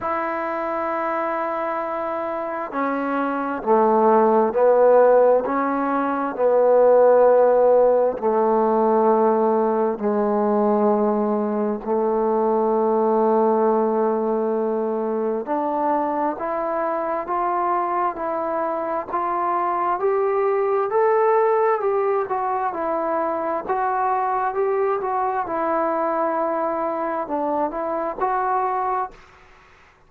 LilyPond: \new Staff \with { instrumentName = "trombone" } { \time 4/4 \tempo 4 = 66 e'2. cis'4 | a4 b4 cis'4 b4~ | b4 a2 gis4~ | gis4 a2.~ |
a4 d'4 e'4 f'4 | e'4 f'4 g'4 a'4 | g'8 fis'8 e'4 fis'4 g'8 fis'8 | e'2 d'8 e'8 fis'4 | }